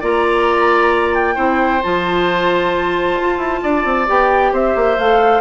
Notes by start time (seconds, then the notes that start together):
0.00 A#3 F4 D5 A#5
1.15 G5
1.35 C4 E4 C5
1.83 F3 F4 A5
3.21 F4
3.37 E4
3.63 D4 D5
3.84 C4
4.06 B3 G4 G5
4.52 C4 C5 E5
4.75 A#3
4.98 A3 A4 F5